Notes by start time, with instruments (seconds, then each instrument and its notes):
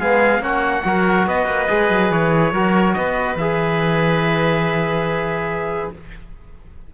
0.00 cello G#3, trombone B3, oboe G#4, trumpet F5
0.40 cello A#3, trombone C#4, oboe F#4, trumpet F#5
0.85 cello F#3, trombone F#4, oboe A#4
1.27 cello B3, oboe B4, trumpet D#5
1.47 cello A#3
1.69 cello G#3, trombone G#4
1.90 cello F#3
2.11 cello E3, trumpet C#5
2.53 cello F#3, trombone F#4, oboe A#4
2.94 cello B3, oboe B4, trumpet D#5
3.35 cello E3, trombone G#4, trumpet E5